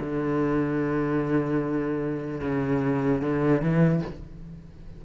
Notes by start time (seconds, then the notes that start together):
0.00 D3
2.41 C#3
3.22 D3
3.62 E3